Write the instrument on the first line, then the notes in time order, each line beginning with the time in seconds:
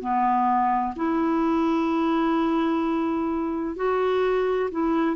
clarinet
0.00 B3
0.96 E4
3.76 F#4
4.71 E4